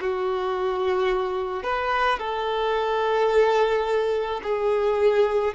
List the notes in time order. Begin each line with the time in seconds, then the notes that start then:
0.00 F#4
1.63 B4
2.18 A4
4.42 G#4